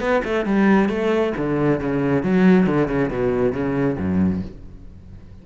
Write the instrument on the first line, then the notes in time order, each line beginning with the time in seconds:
cello
0.00 B3
0.24 A3
0.45 G3
0.89 A3
1.37 D3
1.80 C#3
2.23 F#3
2.67 D3
2.88 C#3
3.10 B2
3.53 C#3
3.98 F#2